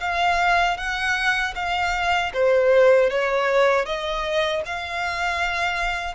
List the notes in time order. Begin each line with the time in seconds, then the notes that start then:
0.00 F5
0.77 F#5
1.55 F5
2.33 C5
3.09 C#5
3.85 D#5
4.65 F5